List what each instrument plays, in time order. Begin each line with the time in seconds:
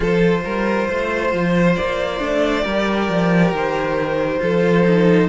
0.00 cello F3 F4, violin A4 C5
0.44 cello G3, violin A#4
0.87 cello A3, violin C5
1.33 cello F3
1.75 cello A#3, violin D5
2.19 cello A3 D4
2.61 cello G3 G4, violin A#4
3.08 cello F3
3.52 cello D#3, violin C5
4.38 cello F3 F4, violin A4
4.86 cello D#4